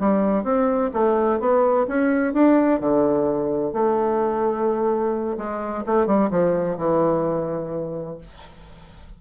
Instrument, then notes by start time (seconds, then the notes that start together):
bassoon
0.00 G3
0.44 C4
0.94 A3
1.40 B3
1.88 C#4
2.34 D4
2.81 D3
3.73 A3
5.38 G#3
5.87 A3
6.07 G3
6.31 F3
6.78 E3